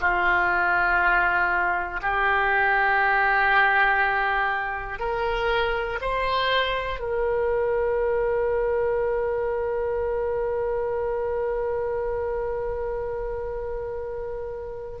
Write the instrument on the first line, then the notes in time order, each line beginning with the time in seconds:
oboe
0.00 F4
2.02 G4
4.99 A#4
6.01 C5
7.00 A#4